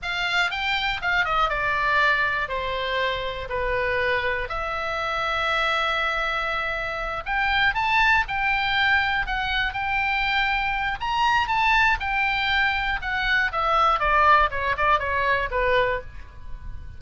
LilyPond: \new Staff \with { instrumentName = "oboe" } { \time 4/4 \tempo 4 = 120 f''4 g''4 f''8 dis''8 d''4~ | d''4 c''2 b'4~ | b'4 e''2.~ | e''2~ e''8 g''4 a''8~ |
a''8 g''2 fis''4 g''8~ | g''2 ais''4 a''4 | g''2 fis''4 e''4 | d''4 cis''8 d''8 cis''4 b'4 | }